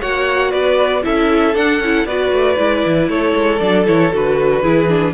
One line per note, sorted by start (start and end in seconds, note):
0.00 0.53 A#3
0.00 1.02 F#4
0.00 0.50 C#5
0.00 0.51 F#5
0.50 1.04 B3
0.50 1.02 B4
0.50 1.02 D5
1.02 1.55 C#4
1.02 1.53 E4
1.02 2.07 A4
1.02 1.55 E5
1.55 1.79 D4
1.55 1.81 D4
1.55 2.06 F#5
1.79 2.05 C#4
1.79 2.07 E4
2.05 2.31 B3
2.05 2.56 F#4
2.05 3.10 B4
2.05 3.08 D5
2.32 2.58 A3
2.56 2.84 G#3
2.56 3.58 E4
2.85 3.08 E3
3.08 3.33 A3
3.08 4.62 A4
3.08 3.59 C#5
3.35 3.60 G#3
3.59 3.87 F#3
3.59 3.86 D4
3.59 3.84 D5
3.86 4.13 E3
3.86 4.11 E4
3.86 4.13 C#5
4.12 4.64 D3
4.12 4.63 F#4
4.12 5.13 B4
4.62 5.13 E3
4.62 4.88 E4
4.62 5.13 G#4
4.88 5.13 D4